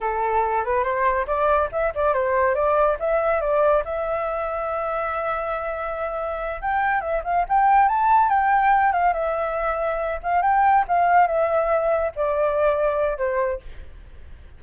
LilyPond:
\new Staff \with { instrumentName = "flute" } { \time 4/4 \tempo 4 = 141 a'4. b'8 c''4 d''4 | e''8 d''8 c''4 d''4 e''4 | d''4 e''2.~ | e''2.~ e''8 g''8~ |
g''8 e''8 f''8 g''4 a''4 g''8~ | g''4 f''8 e''2~ e''8 | f''8 g''4 f''4 e''4.~ | e''8 d''2~ d''8 c''4 | }